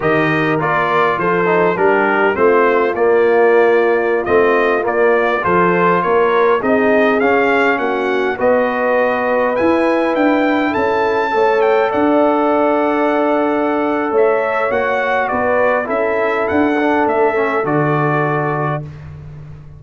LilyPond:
<<
  \new Staff \with { instrumentName = "trumpet" } { \time 4/4 \tempo 4 = 102 dis''4 d''4 c''4 ais'4 | c''4 d''2~ d''16 dis''8.~ | dis''16 d''4 c''4 cis''4 dis''8.~ | dis''16 f''4 fis''4 dis''4.~ dis''16~ |
dis''16 gis''4 g''4 a''4. g''16~ | g''16 fis''2.~ fis''8. | e''4 fis''4 d''4 e''4 | fis''4 e''4 d''2 | }
  \new Staff \with { instrumentName = "horn" } { \time 4/4 ais'2 a'4 g'4 | f'1~ | f'4~ f'16 a'4 ais'4 gis'8.~ | gis'4~ gis'16 fis'4 b'4.~ b'16~ |
b'2~ b'16 a'4 cis''8.~ | cis''16 d''2.~ d''8. | cis''2 b'4 a'4~ | a'1 | }
  \new Staff \with { instrumentName = "trombone" } { \time 4/4 g'4 f'4. dis'8 d'4 | c'4 ais2~ ais16 c'8.~ | c'16 ais4 f'2 dis'8.~ | dis'16 cis'2 fis'4.~ fis'16~ |
fis'16 e'2. a'8.~ | a'1~ | a'4 fis'2 e'4~ | e'8 d'4 cis'8 fis'2 | }
  \new Staff \with { instrumentName = "tuba" } { \time 4/4 dis4 ais4 f4 g4 | a4 ais2~ ais16 a8.~ | a16 ais4 f4 ais4 c'8.~ | c'16 cis'4 ais4 b4.~ b16~ |
b16 e'4 d'4 cis'4 a8.~ | a16 d'2.~ d'8. | a4 ais4 b4 cis'4 | d'4 a4 d2 | }
>>